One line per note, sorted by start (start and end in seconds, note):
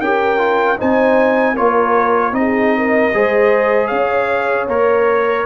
0.00 0.78 C#4
0.00 0.37 G4
0.00 0.78 A#4
0.00 0.78 G5
0.37 0.76 F4
0.77 1.58 C4
0.77 1.55 D#4
0.77 1.53 C5
0.77 1.56 G#5
1.53 2.31 A#3
1.53 2.32 F4
1.53 2.31 A#4
1.53 2.34 C#5
2.31 3.09 C4
2.31 3.10 D#4
2.31 3.87 D#5
2.39 2.77 G#4
2.77 3.14 A#4
3.13 3.91 G#3
3.13 4.68 G#4
3.13 3.88 C5
3.87 4.67 C#4
3.87 5.44 C#5
3.87 4.65 F5
4.67 5.45 A#3
4.67 5.45 A#4
4.67 5.45 C#5